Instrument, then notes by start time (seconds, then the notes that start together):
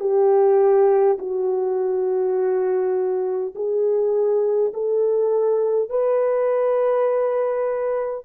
horn
0.00 G4
1.19 F#4
3.55 G#4
4.74 A4
5.90 B4